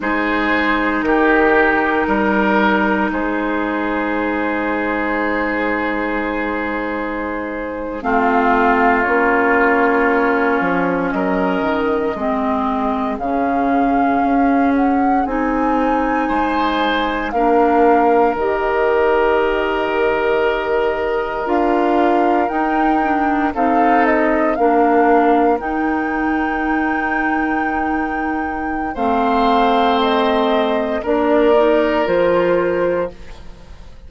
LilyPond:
<<
  \new Staff \with { instrumentName = "flute" } { \time 4/4 \tempo 4 = 58 c''4 ais'2 c''4~ | c''2.~ c''8. f''16~ | f''8. cis''2 dis''4~ dis''16~ | dis''8. f''4. fis''8 gis''4~ gis''16~ |
gis''8. f''4 dis''2~ dis''16~ | dis''8. f''4 g''4 f''8 dis''8 f''16~ | f''8. g''2.~ g''16 | f''4 dis''4 d''4 c''4 | }
  \new Staff \with { instrumentName = "oboe" } { \time 4/4 gis'4 g'4 ais'4 gis'4~ | gis'2.~ gis'8. f'16~ | f'2~ f'8. ais'4 gis'16~ | gis'2.~ gis'8. c''16~ |
c''8. ais'2.~ ais'16~ | ais'2~ ais'8. a'4 ais'16~ | ais'1 | c''2 ais'2 | }
  \new Staff \with { instrumentName = "clarinet" } { \time 4/4 dis'1~ | dis'2.~ dis'8. c'16~ | c'8. cis'2. c'16~ | c'8. cis'2 dis'4~ dis'16~ |
dis'8. d'4 g'2~ g'16~ | g'8. f'4 dis'8 d'8 dis'4 d'16~ | d'8. dis'2.~ dis'16 | c'2 d'8 dis'8 f'4 | }
  \new Staff \with { instrumentName = "bassoon" } { \time 4/4 gis4 dis4 g4 gis4~ | gis2.~ gis8. a16~ | a8. ais4. f8 fis8 dis8 gis16~ | gis8. cis4 cis'4 c'4 gis16~ |
gis8. ais4 dis2~ dis16~ | dis8. d'4 dis'4 c'4 ais16~ | ais8. dis'2.~ dis'16 | a2 ais4 f4 | }
>>